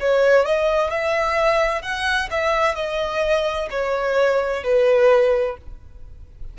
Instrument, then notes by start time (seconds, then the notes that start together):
violin
0.00 C#5
0.46 D#5
0.90 E5
1.82 F#5
2.31 E5
2.75 D#5
3.71 C#5
4.64 B4